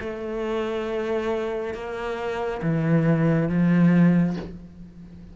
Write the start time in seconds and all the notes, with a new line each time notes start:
0.00 A3
1.74 A#3
2.62 E3
3.49 F3